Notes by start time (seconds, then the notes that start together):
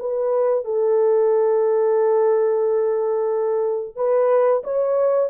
0.00 B4
0.65 A4
3.96 B4
4.64 C#5